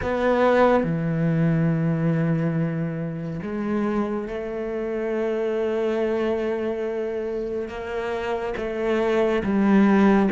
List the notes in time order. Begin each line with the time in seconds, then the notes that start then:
0.02 B3
0.83 E3
3.42 G#3
4.27 A3
7.68 A#3
8.57 A3
9.43 G3